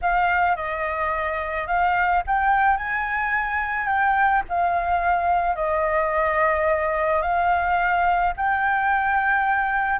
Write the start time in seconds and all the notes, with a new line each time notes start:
0.01 F5
0.56 D#5
1.67 F5
2.26 G5
2.77 G#5
3.86 G5
4.48 F5
5.55 D#5
7.22 F5
8.36 G5